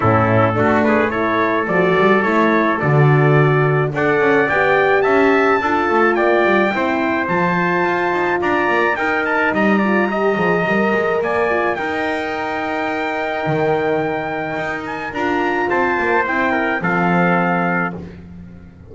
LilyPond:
<<
  \new Staff \with { instrumentName = "trumpet" } { \time 4/4 \tempo 4 = 107 a'4. b'8 cis''4 d''4 | cis''4 d''2 fis''4 | g''4 a''2 g''4~ | g''4 a''2 ais''4 |
g''8 a''8 ais''2. | gis''4 g''2.~ | g''2~ g''8 gis''8 ais''4 | a''4 g''4 f''2 | }
  \new Staff \with { instrumentName = "trumpet" } { \time 4/4 e'4 fis'8 gis'8 a'2~ | a'2. d''4~ | d''4 e''4 a'4 d''4 | c''2. d''4 |
ais'4 dis''8 d''8 dis''2 | d''4 ais'2.~ | ais'1 | c''4. ais'8 a'2 | }
  \new Staff \with { instrumentName = "horn" } { \time 4/4 cis'4 d'4 e'4 fis'4 | e'4 fis'2 a'4 | g'2 f'2 | e'4 f'2. |
dis'4. f'8 g'8 gis'8 ais'4~ | ais'8 f'8 dis'2.~ | dis'2. f'4~ | f'4 e'4 c'2 | }
  \new Staff \with { instrumentName = "double bass" } { \time 4/4 a,4 a2 f8 g8 | a4 d2 d'8 cis'8 | b4 cis'4 d'8 a8 ais8 g8 | c'4 f4 f'8 dis'8 d'8 ais8 |
dis'4 g4. f8 g8 gis8 | ais4 dis'2. | dis2 dis'4 d'4 | c'8 ais8 c'4 f2 | }
>>